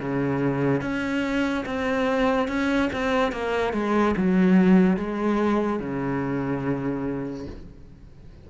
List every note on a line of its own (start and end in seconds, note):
0.00 0.81 C#3
0.81 1.65 C#4
1.66 2.48 C4
2.48 2.90 C#4
2.93 3.32 C4
3.32 3.73 A#3
3.73 4.15 G#3
4.17 4.97 F#3
4.97 5.80 G#3
5.80 7.47 C#3